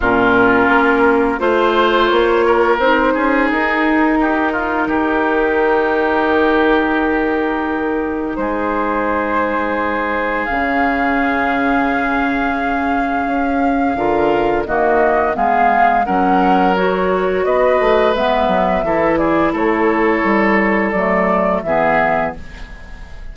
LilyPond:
<<
  \new Staff \with { instrumentName = "flute" } { \time 4/4 \tempo 4 = 86 ais'2 c''4 cis''4 | c''4 ais'2.~ | ais'1 | c''2. f''4~ |
f''1~ | f''4 dis''4 f''4 fis''4 | cis''4 dis''4 e''4. d''8 | cis''2 d''4 e''4 | }
  \new Staff \with { instrumentName = "oboe" } { \time 4/4 f'2 c''4. ais'8~ | ais'8 gis'4. g'8 f'8 g'4~ | g'1 | gis'1~ |
gis'1 | ais'4 fis'4 gis'4 ais'4~ | ais'4 b'2 a'8 gis'8 | a'2. gis'4 | }
  \new Staff \with { instrumentName = "clarinet" } { \time 4/4 cis'2 f'2 | dis'1~ | dis'1~ | dis'2. cis'4~ |
cis'1 | f'4 ais4 b4 cis'4 | fis'2 b4 e'4~ | e'2 a4 b4 | }
  \new Staff \with { instrumentName = "bassoon" } { \time 4/4 ais,4 ais4 a4 ais4 | c'8 cis'8 dis'2 dis4~ | dis1 | gis2. cis4~ |
cis2. cis'4 | d4 dis4 gis4 fis4~ | fis4 b8 a8 gis8 fis8 e4 | a4 g4 fis4 e4 | }
>>